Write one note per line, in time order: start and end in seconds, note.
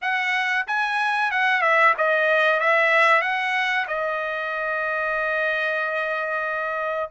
0.01 0.66 F#5
0.67 1.31 G#5
1.31 1.61 F#5
1.61 1.94 E5
1.97 2.60 D#5
2.60 3.21 E5
3.21 3.86 F#5
3.87 7.10 D#5